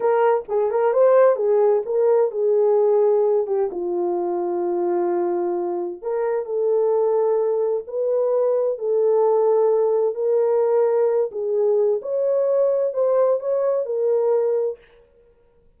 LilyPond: \new Staff \with { instrumentName = "horn" } { \time 4/4 \tempo 4 = 130 ais'4 gis'8 ais'8 c''4 gis'4 | ais'4 gis'2~ gis'8 g'8 | f'1~ | f'4 ais'4 a'2~ |
a'4 b'2 a'4~ | a'2 ais'2~ | ais'8 gis'4. cis''2 | c''4 cis''4 ais'2 | }